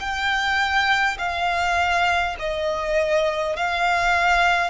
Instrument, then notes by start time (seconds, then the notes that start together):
violin
0.00 G5
1.18 F5
2.39 D#5
3.56 F5